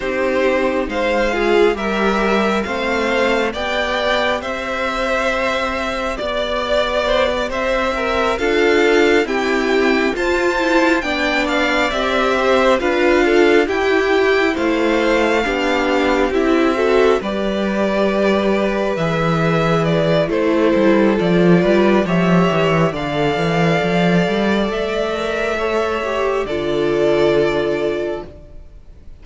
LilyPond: <<
  \new Staff \with { instrumentName = "violin" } { \time 4/4 \tempo 4 = 68 c''4 f''4 e''4 f''4 | g''4 e''2 d''4~ | d''8 e''4 f''4 g''4 a''8~ | a''8 g''8 f''8 e''4 f''4 g''8~ |
g''8 f''2 e''4 d''8~ | d''4. e''4 d''8 c''4 | d''4 e''4 f''2 | e''2 d''2 | }
  \new Staff \with { instrumentName = "violin" } { \time 4/4 g'4 c''8 gis'8 ais'4 c''4 | d''4 c''2 d''4 | c''16 d''16 c''8 ais'8 a'4 g'4 c''8~ | c''8 d''4. c''8 b'8 a'8 g'8~ |
g'8 c''4 g'4. a'8 b'8~ | b'2. a'4~ | a'8 b'8 cis''4 d''2~ | d''4 cis''4 a'2 | }
  \new Staff \with { instrumentName = "viola" } { \time 4/4 dis'4. f'8 g'4 c'4 | g'1~ | g'4. f'4 c'4 f'8 | e'8 d'4 g'4 f'4 e'8~ |
e'4. d'4 e'8 fis'8 g'8~ | g'4. gis'4. e'4 | f'4 g'4 a'2~ | a'8 ais'8 a'8 g'8 f'2 | }
  \new Staff \with { instrumentName = "cello" } { \time 4/4 c'4 gis4 g4 a4 | b4 c'2 b4~ | b8 c'4 d'4 e'4 f'8~ | f'8 b4 c'4 d'4 e'8~ |
e'8 a4 b4 c'4 g8~ | g4. e4. a8 g8 | f8 g8 f8 e8 d8 e8 f8 g8 | a2 d2 | }
>>